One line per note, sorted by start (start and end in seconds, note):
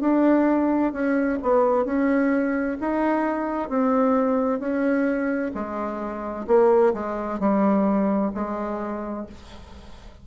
0.00 0.92 D4
0.92 1.38 C#4
1.42 1.85 B3
1.85 2.77 C#4
2.80 3.69 D#4
3.69 4.59 C4
4.59 5.51 C#4
5.54 6.46 G#3
6.47 6.93 A#3
6.93 7.39 G#3
7.39 8.32 G3
8.34 9.26 G#3